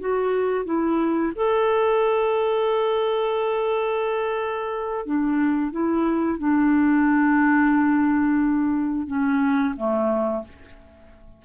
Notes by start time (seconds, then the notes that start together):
0.00 F#4
0.65 E4
1.35 A4
5.06 D4
5.71 E4
6.39 D4
9.07 C#4
9.76 A3